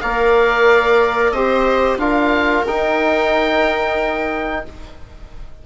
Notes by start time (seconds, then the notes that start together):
0.00 A#3 A#4 D5 F5
1.31 C4 G4 C5 D#5
1.97 D4 F4 A#4 F5
2.66 D#4 G5